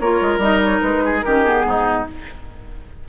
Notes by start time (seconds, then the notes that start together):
0.00 A#3 F4 A#4 C#5
0.22 G#3
0.38 G3 D#4 D#5
0.64 C#5
0.81 G#3 B4
1.05 G#4
1.21 D#3 C#4 G4 A#4
1.44 B3 G#4
1.65 G#2 D#4